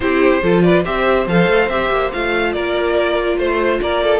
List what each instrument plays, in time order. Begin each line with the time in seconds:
0.00 cello C4, viola E4, violin G4 C5
0.42 cello F3, viola F4, violin A4
0.62 violin B4 D5
0.84 cello C4, viola G4, violin C5 E5
1.26 cello F3, viola A4, violin F5
1.46 cello A3
1.68 cello C4, viola G4, violin E5
1.90 cello A#3
2.12 cello A3, viola F4, violin F5
2.52 cello A#3, violin A#4 D5
3.37 cello A3, violin C5
3.81 cello A#3, violin A#4 D5
4.03 violin A4